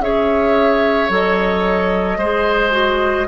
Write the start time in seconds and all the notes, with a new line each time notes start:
0.00 C#4 G#4 C#5 E5
1.09 F#3 A4 D#5
2.18 G#3 G#4 C5
2.72 F#4